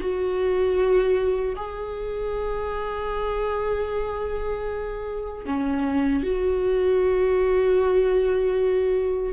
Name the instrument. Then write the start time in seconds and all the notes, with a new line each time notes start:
viola
0.00 F#4
1.56 G#4
5.46 C#4
6.23 F#4